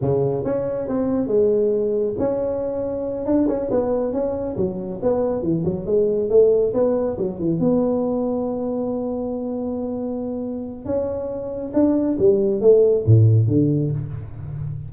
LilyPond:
\new Staff \with { instrumentName = "tuba" } { \time 4/4 \tempo 4 = 138 cis4 cis'4 c'4 gis4~ | gis4 cis'2~ cis'8 d'8 | cis'8 b4 cis'4 fis4 b8~ | b8 e8 fis8 gis4 a4 b8~ |
b8 fis8 e8 b2~ b8~ | b1~ | b4 cis'2 d'4 | g4 a4 a,4 d4 | }